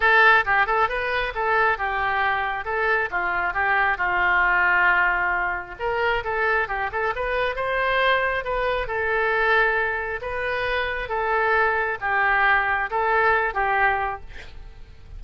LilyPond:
\new Staff \with { instrumentName = "oboe" } { \time 4/4 \tempo 4 = 135 a'4 g'8 a'8 b'4 a'4 | g'2 a'4 f'4 | g'4 f'2.~ | f'4 ais'4 a'4 g'8 a'8 |
b'4 c''2 b'4 | a'2. b'4~ | b'4 a'2 g'4~ | g'4 a'4. g'4. | }